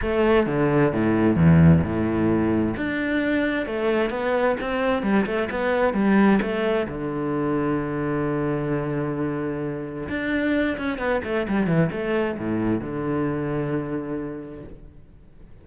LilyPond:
\new Staff \with { instrumentName = "cello" } { \time 4/4 \tempo 4 = 131 a4 d4 a,4 e,4 | a,2 d'2 | a4 b4 c'4 g8 a8 | b4 g4 a4 d4~ |
d1~ | d2 d'4. cis'8 | b8 a8 g8 e8 a4 a,4 | d1 | }